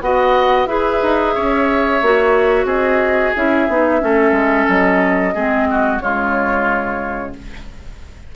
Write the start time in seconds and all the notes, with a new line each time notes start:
0.00 B3 F#4 D#5 F#5
0.66 E4 G#4 B4 E5
1.02 D#4
1.34 C#4 C#5
2.02 A#3 F#4
2.64 C4 G#4 D#5
3.35 C#4 E4 E5
3.68 B3 D#4
4.00 A3 C#4 A4
4.31 G#3
4.68 F#3 D#5
5.34 G#3 C4 G#4
5.70 F#4
5.99 C#3 G#3 F4 C#5